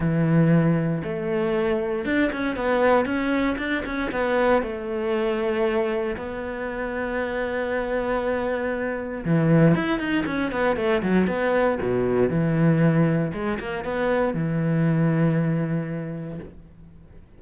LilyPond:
\new Staff \with { instrumentName = "cello" } { \time 4/4 \tempo 4 = 117 e2 a2 | d'8 cis'8 b4 cis'4 d'8 cis'8 | b4 a2. | b1~ |
b2 e4 e'8 dis'8 | cis'8 b8 a8 fis8 b4 b,4 | e2 gis8 ais8 b4 | e1 | }